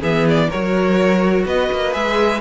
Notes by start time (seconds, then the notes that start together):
0.00 E3 B3 G#4 E5
0.30 D5
0.50 F#3 F#4 A#4 C#5
1.46 B3 B4 D#5
1.73 A#3
1.93 G#3 G#4 E5